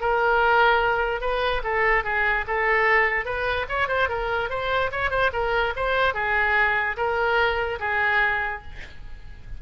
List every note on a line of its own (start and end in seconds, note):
0.00 1.20 A#4
1.20 1.62 B4
1.63 2.04 A4
2.04 2.45 G#4
2.47 3.25 A4
3.25 3.66 B4
3.69 3.88 C#5
3.88 4.08 C5
4.09 4.49 A#4
4.49 4.90 C5
4.91 5.10 C#5
5.10 5.31 C5
5.32 5.73 A#4
5.76 6.14 C5
6.14 6.96 G#4
6.96 7.79 A#4
7.79 8.62 G#4